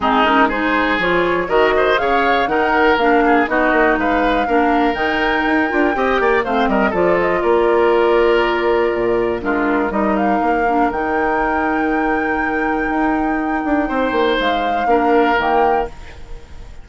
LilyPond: <<
  \new Staff \with { instrumentName = "flute" } { \time 4/4 \tempo 4 = 121 gis'8 ais'8 c''4 cis''4 dis''4 | f''4 fis''4 f''4 dis''4 | f''2 g''2~ | g''4 f''8 dis''8 d''8 dis''8 d''4~ |
d''2. ais'4 | dis''8 f''4. g''2~ | g''1~ | g''4 f''2 g''4 | }
  \new Staff \with { instrumentName = "oboe" } { \time 4/4 dis'4 gis'2 ais'8 c''8 | cis''4 ais'4. gis'8 fis'4 | b'4 ais'2. | dis''8 d''8 c''8 ais'8 a'4 ais'4~ |
ais'2. f'4 | ais'1~ | ais'1 | c''2 ais'2 | }
  \new Staff \with { instrumentName = "clarinet" } { \time 4/4 c'8 cis'8 dis'4 f'4 fis'4 | gis'4 dis'4 d'4 dis'4~ | dis'4 d'4 dis'4. f'8 | g'4 c'4 f'2~ |
f'2. d'4 | dis'4. d'8 dis'2~ | dis'1~ | dis'2 d'4 ais4 | }
  \new Staff \with { instrumentName = "bassoon" } { \time 4/4 gis2 f4 dis4 | cis4 dis4 ais4 b8 ais8 | gis4 ais4 dis4 dis'8 d'8 | c'8 ais8 a8 g8 f4 ais4~ |
ais2 ais,4 gis4 | g4 ais4 dis2~ | dis2 dis'4. d'8 | c'8 ais8 gis4 ais4 dis4 | }
>>